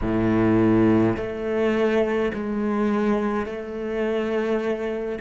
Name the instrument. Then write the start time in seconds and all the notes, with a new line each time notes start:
cello
0.01 A2
1.16 A3
2.34 G#3
3.46 A3